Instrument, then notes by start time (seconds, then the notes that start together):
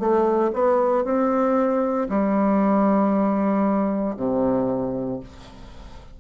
bassoon
0.00 A3
0.54 B3
1.05 C4
2.09 G3
4.17 C3